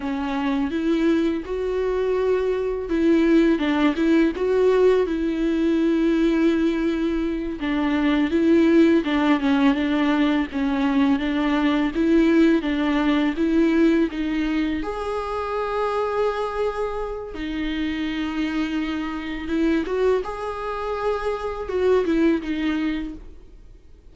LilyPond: \new Staff \with { instrumentName = "viola" } { \time 4/4 \tempo 4 = 83 cis'4 e'4 fis'2 | e'4 d'8 e'8 fis'4 e'4~ | e'2~ e'8 d'4 e'8~ | e'8 d'8 cis'8 d'4 cis'4 d'8~ |
d'8 e'4 d'4 e'4 dis'8~ | dis'8 gis'2.~ gis'8 | dis'2. e'8 fis'8 | gis'2 fis'8 e'8 dis'4 | }